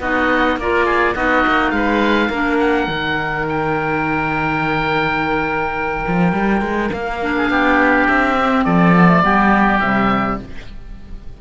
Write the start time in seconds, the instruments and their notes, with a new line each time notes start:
0.00 cello B3, clarinet D#4, oboe F#4 D#5
0.57 cello A#3, clarinet F4, oboe A#4 D5
0.85 oboe G#4
1.15 cello B3, clarinet D#4, oboe F#4 D#5
1.47 cello A#3
1.71 cello G#3, oboe B4 F5
2.30 cello A#3, clarinet D4, oboe A#4
2.59 oboe F#5
2.87 cello D#3, clarinet D#4
3.49 oboe G5
6.08 cello F3
6.33 cello G3
6.61 cello G#3
6.93 cello A#3, oboe F5
7.22 clarinet D4
7.37 oboe G#4
7.50 cello B3, oboe G4
8.08 cello C4, oboe E5
8.40 clarinet C4
8.65 cello F3, oboe A4 D5
8.95 clarinet B3
9.08 clarinet A3
9.23 cello G3, clarinet B3, oboe G4
9.80 cello C3, clarinet G3, oboe E5